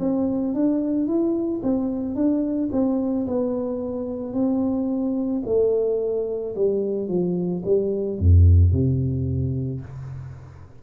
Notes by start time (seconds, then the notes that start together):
0.00 C4
0.55 D4
1.07 E4
1.63 C4
2.16 D4
2.73 C4
3.27 B3
4.33 C4
5.46 A3
6.56 G3
7.09 F3
7.66 G3
8.19 F2
8.73 C3